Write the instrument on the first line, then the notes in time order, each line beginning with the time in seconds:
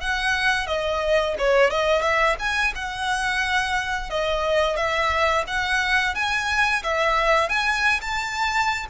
violin
0.00 F#5
0.67 D#5
1.38 C#5
1.70 D#5
2.01 E5
2.39 G#5
2.75 F#5
4.09 D#5
4.76 E5
5.47 F#5
6.14 G#5
6.83 E5
7.49 G#5
8.01 A5